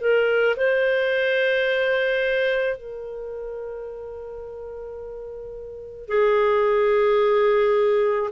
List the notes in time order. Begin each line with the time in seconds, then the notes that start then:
0.00 A#4
0.56 C5
2.76 A#4
6.08 G#4